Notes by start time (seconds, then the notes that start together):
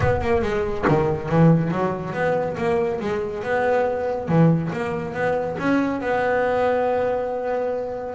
0.00 B3
0.21 A#3
0.42 G#3
0.88 D#3
1.29 E3
1.71 F#3
2.13 B3
2.57 A#3
3.00 G#3
3.43 B3
4.28 E3
4.72 A#3
5.14 B3
5.58 C#4
6.00 B3